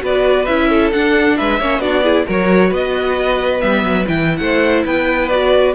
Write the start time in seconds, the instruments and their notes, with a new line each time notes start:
0.00 cello B3, viola F#4, violin B4 D5
0.46 cello C#4, viola E4, violin E5
0.69 violin A4
0.92 viola D4, cello D4, violin F#5
1.37 cello G#3, violin B4 E5
1.60 cello A#3, viola C#4, violin C#5
1.78 cello B3, viola D4, violin F#4 D5
2.03 viola E4, violin G#4
2.26 cello F#3, viola F#4, violin A#4 C#5
2.68 cello B3, violin B4 D#5
3.60 cello G3, viola B3, violin E5
3.83 cello F#3
4.08 cello E3, viola E4, violin G5
4.37 cello A3, violin C5 F#5
4.85 cello B3, violin B4 G5
5.29 viola F#4, violin D5